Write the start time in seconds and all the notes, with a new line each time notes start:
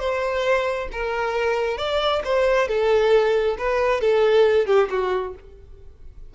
0.00 C5
0.93 A#4
1.78 D5
2.25 C5
2.68 A4
3.58 B4
4.01 A4
4.67 G4
4.90 F#4